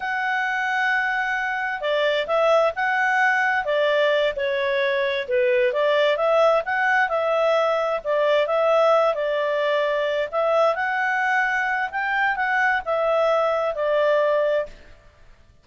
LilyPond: \new Staff \with { instrumentName = "clarinet" } { \time 4/4 \tempo 4 = 131 fis''1 | d''4 e''4 fis''2 | d''4. cis''2 b'8~ | b'8 d''4 e''4 fis''4 e''8~ |
e''4. d''4 e''4. | d''2~ d''8 e''4 fis''8~ | fis''2 g''4 fis''4 | e''2 d''2 | }